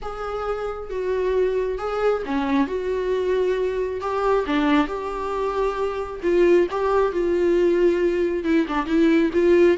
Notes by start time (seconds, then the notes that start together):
0.01 G#4
0.89 F#4
1.78 G#4
2.25 C#4
2.67 F#4
4.00 G4
4.46 D4
4.87 G4
6.22 F4
6.71 G4
7.12 F4
8.44 E4
8.67 D4
8.85 E4
9.33 F4